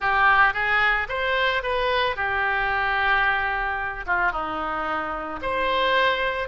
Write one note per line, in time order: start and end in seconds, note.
0.00 0.53 G4
0.53 1.07 G#4
1.09 1.62 C5
1.62 2.15 B4
2.15 4.05 G4
4.06 4.31 F4
4.31 5.40 D#4
5.42 6.48 C5